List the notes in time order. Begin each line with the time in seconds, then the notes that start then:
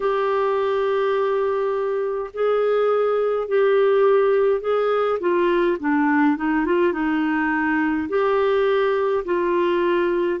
0.00 G4
2.33 G#4
3.48 G4
4.60 G#4
5.19 F4
5.79 D4
6.37 D#4
6.65 F4
6.92 D#4
8.08 G4
9.24 F4